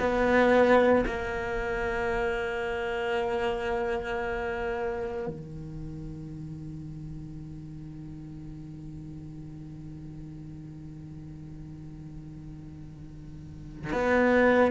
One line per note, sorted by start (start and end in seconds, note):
0.00 1.05 B3
1.07 5.28 A#3
5.28 13.93 D#3
13.93 14.72 B3